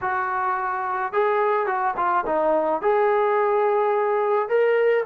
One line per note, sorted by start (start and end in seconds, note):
0.01 1.12 F#4
1.12 1.66 G#4
1.66 1.94 F#4
1.96 2.24 F4
2.26 2.81 D#4
2.81 4.49 G#4
4.49 5.05 A#4